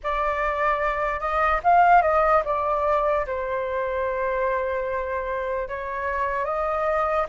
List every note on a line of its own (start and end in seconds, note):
0.03 1.19 D5
1.19 1.60 D#5
1.63 2.02 F5
2.02 2.42 D#5
2.44 3.25 D5
3.26 5.68 C5
5.68 6.45 C#5
6.45 7.26 D#5